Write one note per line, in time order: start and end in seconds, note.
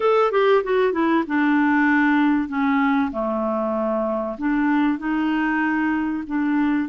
0.00 0.31 A4
0.31 0.62 G4
0.63 0.92 F#4
0.92 1.23 E4
1.27 2.48 D4
2.48 3.11 C#4
3.11 4.36 A3
4.38 4.98 D4
4.98 6.23 D#4
6.26 6.88 D4